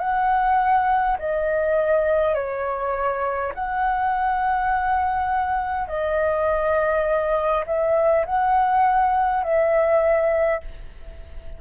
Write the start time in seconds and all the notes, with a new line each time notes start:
0.00 F#5
1.19 D#5
2.35 C#5
3.55 F#5
5.88 D#5
7.67 E5
8.26 F#5
9.43 E5